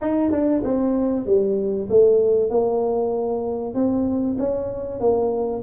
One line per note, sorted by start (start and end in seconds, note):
0.01 0.31 D#4
0.31 0.62 D4
0.63 1.26 C4
1.26 1.88 G3
1.89 2.49 A3
2.49 3.74 A#3
3.74 4.37 C4
4.38 5.00 C#4
5.00 5.62 A#3